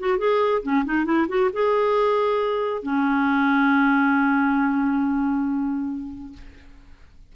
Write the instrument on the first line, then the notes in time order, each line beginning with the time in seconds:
clarinet
0.00 F#4
0.19 G#4
0.63 C#4
0.86 D#4
1.05 E4
1.29 F#4
1.53 G#4
2.83 C#4